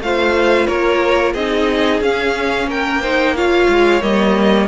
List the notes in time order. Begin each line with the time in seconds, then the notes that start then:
0.00 A3 F4 C5 F5
0.66 A#3 A#4 C#5
1.33 C4 D#4 G#4 D#5
2.00 C#4 F5
2.67 A#3 A#4 G5
3.01 D#4 C5
3.35 F4 C#5 F5
3.68 G#3
4.00 G3 A#3 D#5